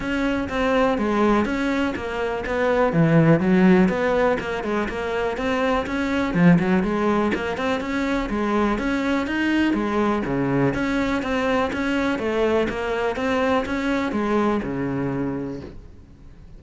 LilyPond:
\new Staff \with { instrumentName = "cello" } { \time 4/4 \tempo 4 = 123 cis'4 c'4 gis4 cis'4 | ais4 b4 e4 fis4 | b4 ais8 gis8 ais4 c'4 | cis'4 f8 fis8 gis4 ais8 c'8 |
cis'4 gis4 cis'4 dis'4 | gis4 cis4 cis'4 c'4 | cis'4 a4 ais4 c'4 | cis'4 gis4 cis2 | }